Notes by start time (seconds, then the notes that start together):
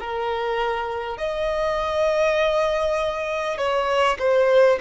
0.00 A#4
1.18 D#5
3.58 C#5
4.19 C5